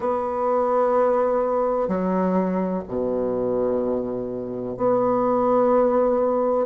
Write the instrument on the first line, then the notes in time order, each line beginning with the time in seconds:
bassoon
0.00 B3
1.88 F#3
2.88 B2
4.76 B3